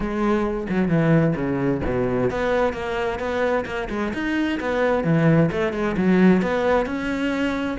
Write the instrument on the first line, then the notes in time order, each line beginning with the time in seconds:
cello
0.00 G#3
0.69 F#3
0.88 E3
1.35 C#3
1.84 B2
2.30 B3
2.73 A#3
3.19 B3
3.65 A#3
3.89 G#3
4.13 D#4
4.60 B3
5.04 E3
5.51 A3
5.72 G#3
5.97 F#3
6.41 B3
6.86 C#4